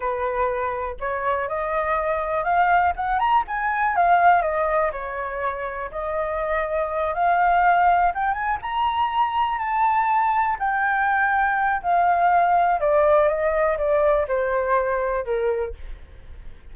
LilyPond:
\new Staff \with { instrumentName = "flute" } { \time 4/4 \tempo 4 = 122 b'2 cis''4 dis''4~ | dis''4 f''4 fis''8 ais''8 gis''4 | f''4 dis''4 cis''2 | dis''2~ dis''8 f''4.~ |
f''8 g''8 gis''8 ais''2 a''8~ | a''4. g''2~ g''8 | f''2 d''4 dis''4 | d''4 c''2 ais'4 | }